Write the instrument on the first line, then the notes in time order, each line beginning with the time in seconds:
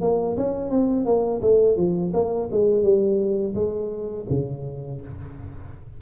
tuba
0.00 A#3
0.37 C#4
0.70 C4
1.05 A#3
1.41 A3
1.76 F3
2.13 A#3
2.51 G#3
2.82 G3
3.54 G#3
4.29 C#3